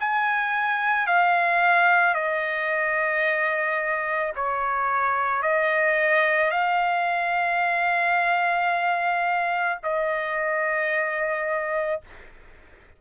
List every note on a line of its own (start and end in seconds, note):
0.00 1.07 G#5
1.07 2.15 F5
2.15 4.33 D#5
4.36 5.43 C#5
5.43 6.51 D#5
6.51 9.78 F5
9.83 12.01 D#5